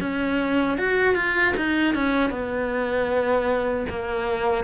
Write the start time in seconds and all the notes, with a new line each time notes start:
0.00 C#4
0.77 F#4
1.15 F4
1.56 D#4
1.94 C#4
2.30 B3
3.89 A#3